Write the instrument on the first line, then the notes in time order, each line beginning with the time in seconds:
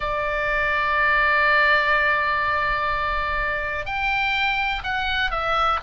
oboe
0.00 D5
3.85 G5
4.83 F#5
5.30 E5